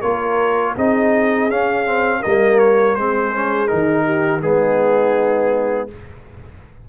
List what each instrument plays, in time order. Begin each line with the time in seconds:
0.00 tuba A#3, trombone F4, horn A#4, trumpet C#5
0.74 tuba C4, trombone D#4, horn G#4, trumpet D#5
1.49 tuba C#4, trombone C#4, trumpet F5
1.86 trombone C4
2.19 horn A#4, trumpet D#5
2.25 tuba G3, trombone A#3
2.59 trumpet C#5
2.95 tuba G#3, trombone C4, horn G#4, trumpet C5
3.34 trombone C#4
3.67 tuba D#3, trombone D#4, trumpet A#4
4.05 horn G4
4.41 tuba G#3, trombone B3, horn D#4, trumpet G#4